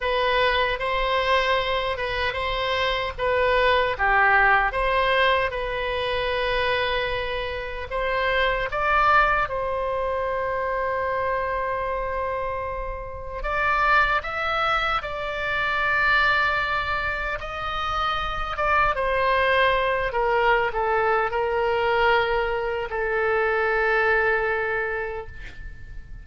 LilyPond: \new Staff \with { instrumentName = "oboe" } { \time 4/4 \tempo 4 = 76 b'4 c''4. b'8 c''4 | b'4 g'4 c''4 b'4~ | b'2 c''4 d''4 | c''1~ |
c''4 d''4 e''4 d''4~ | d''2 dis''4. d''8 | c''4. ais'8. a'8. ais'4~ | ais'4 a'2. | }